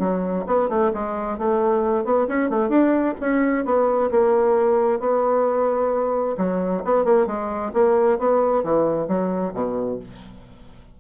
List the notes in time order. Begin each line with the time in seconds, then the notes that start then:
0.00 F#3
0.47 B3
0.70 A3
0.94 G#3
1.38 A3
2.05 B3
2.28 C#4
2.50 A3
2.70 D4
3.21 C#4
3.65 B3
4.11 A#3
5.00 B3
6.38 F#3
6.85 B3
7.05 A#3
7.27 G#3
7.74 A#3
8.19 B3
8.64 E3
9.08 F#3
9.54 B2